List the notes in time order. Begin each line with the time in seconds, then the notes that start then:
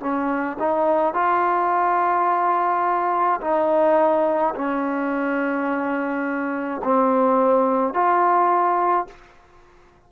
0.00 C#4
0.59 D#4
1.13 F4
3.41 D#4
4.55 C#4
6.83 C4
7.93 F4